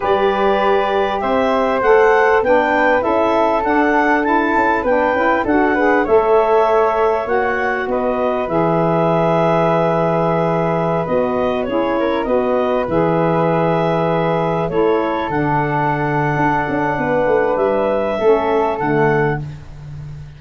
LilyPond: <<
  \new Staff \with { instrumentName = "clarinet" } { \time 4/4 \tempo 4 = 99 d''2 e''4 fis''4 | g''4 e''4 fis''4 a''4 | g''4 fis''4 e''2 | fis''4 dis''4 e''2~ |
e''2~ e''16 dis''4 cis''8.~ | cis''16 dis''4 e''2~ e''8.~ | e''16 cis''4 fis''2~ fis''8.~ | fis''4 e''2 fis''4 | }
  \new Staff \with { instrumentName = "flute" } { \time 4/4 b'2 c''2 | b'4 a'2. | b'4 a'8 b'8 cis''2~ | cis''4 b'2.~ |
b'2.~ b'16 gis'8 ais'16~ | ais'16 b'2.~ b'8.~ | b'16 a'2.~ a'8. | b'2 a'2 | }
  \new Staff \with { instrumentName = "saxophone" } { \time 4/4 g'2. a'4 | d'4 e'4 d'4 e'4 | d'8 e'8 fis'8 gis'8 a'2 | fis'2 gis'2~ |
gis'2~ gis'16 fis'4 e'8.~ | e'16 fis'4 gis'2~ gis'8.~ | gis'16 e'4 d'2~ d'8.~ | d'2 cis'4 a4 | }
  \new Staff \with { instrumentName = "tuba" } { \time 4/4 g2 c'4 a4 | b4 cis'4 d'4. cis'8 | b8 cis'8 d'4 a2 | ais4 b4 e2~ |
e2~ e16 b4 cis'8.~ | cis'16 b4 e2~ e8.~ | e16 a4 d4.~ d16 d'8 cis'8 | b8 a8 g4 a4 d4 | }
>>